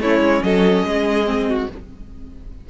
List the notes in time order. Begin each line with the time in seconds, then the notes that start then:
0.00 A3 C#4 E4 C#5
0.20 G#3
0.43 F#3 A4 D#5
0.83 G#3 G#4
1.25 C4
1.49 F#4